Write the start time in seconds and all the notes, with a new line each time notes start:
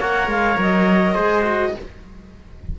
0.00 A#3 A#4 C#5 F#5
0.28 G#3 F5
0.58 F#3 D#5
1.14 G#3 G#4 C5
1.43 F#4